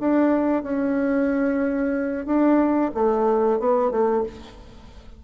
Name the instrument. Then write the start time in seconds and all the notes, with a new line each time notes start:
bassoon
0.00 D4
0.63 C#4
2.26 D4
2.94 A3
3.60 B3
3.91 A3